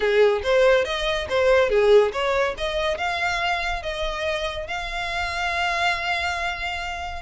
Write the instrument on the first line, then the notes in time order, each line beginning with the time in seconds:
violin
0.00 G#4
0.43 C5
0.85 D#5
1.29 C5
1.69 G#4
2.12 C#5
2.57 D#5
2.97 F5
3.82 D#5
4.67 F5